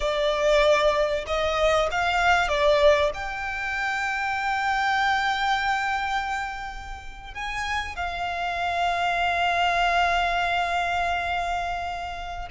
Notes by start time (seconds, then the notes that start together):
0.00 D5
1.26 D#5
1.91 F5
2.48 D5
3.13 G5
7.34 G#5
7.95 F5